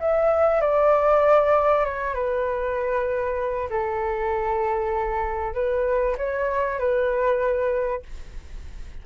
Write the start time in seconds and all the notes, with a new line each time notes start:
0.00 E5
0.61 D5
1.85 C#5
2.14 B4
3.70 A4
5.54 B4
6.17 C#5
6.79 B4